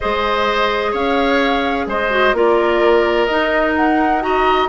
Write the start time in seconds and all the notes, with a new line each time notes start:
0.00 G#3 G#4 C5 D#5
0.91 C#4 C#5 F5
1.86 G#3 C5 D#5
2.10 F#4
2.33 A#3 F4 A#4 D5
3.26 D#4 D#5
3.76 F#5
4.20 F#4 D#5 A#5